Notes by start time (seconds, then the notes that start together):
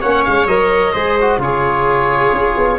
0.00 A#3 C#4 C#5 F#5
0.24 G#3 F5
0.47 F#3 A#4 D#5
0.93 G#3 G#4 C5
1.21 F#4
1.38 C#3 F4 G#4 C#5
2.33 C#4
2.57 B3